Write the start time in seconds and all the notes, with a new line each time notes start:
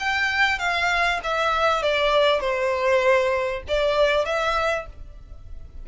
0.00 G5
0.59 F5
1.24 E5
1.83 D5
2.40 C5
3.68 D5
4.26 E5